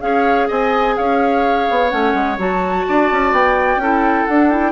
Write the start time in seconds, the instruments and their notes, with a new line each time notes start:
0.00 bassoon C#4, clarinet G#4, oboe C#5, flute F5
0.47 bassoon C4, oboe D#5, flute G#5
0.96 bassoon C#4, oboe C#5, flute F5
1.69 bassoon B3
1.89 bassoon A3, clarinet C#4, flute F#5
2.13 bassoon G#3
2.38 bassoon F#3, clarinet F#4, flute A5
2.87 bassoon D4, oboe D5
3.11 bassoon C#4
3.31 bassoon B3, flute G5
3.76 bassoon C#4, clarinet E4, oboe A4
4.26 bassoon D4, clarinet D4, flute F#5
4.49 clarinet E4, flute G5